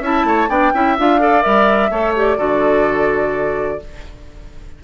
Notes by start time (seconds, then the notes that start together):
0.00 C#4 E4 E5 A5
0.24 A3 C#5
0.49 B3 D4 D5 G5
0.74 C#4 E4 E5
0.98 D4 F4 F5
1.20 A4 D5
1.42 G3 A#4 E5
1.90 A3 A4 C#5
2.16 G4 D5
2.38 D3 F#4 A4